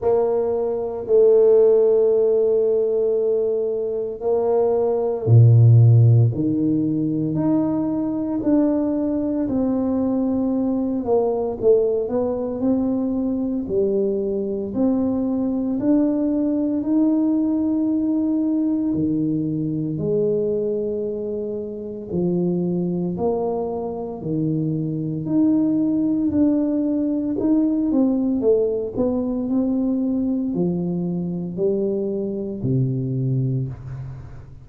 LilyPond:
\new Staff \with { instrumentName = "tuba" } { \time 4/4 \tempo 4 = 57 ais4 a2. | ais4 ais,4 dis4 dis'4 | d'4 c'4. ais8 a8 b8 | c'4 g4 c'4 d'4 |
dis'2 dis4 gis4~ | gis4 f4 ais4 dis4 | dis'4 d'4 dis'8 c'8 a8 b8 | c'4 f4 g4 c4 | }